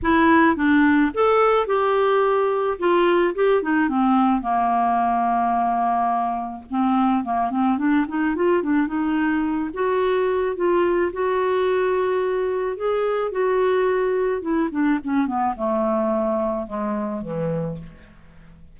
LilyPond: \new Staff \with { instrumentName = "clarinet" } { \time 4/4 \tempo 4 = 108 e'4 d'4 a'4 g'4~ | g'4 f'4 g'8 dis'8 c'4 | ais1 | c'4 ais8 c'8 d'8 dis'8 f'8 d'8 |
dis'4. fis'4. f'4 | fis'2. gis'4 | fis'2 e'8 d'8 cis'8 b8 | a2 gis4 e4 | }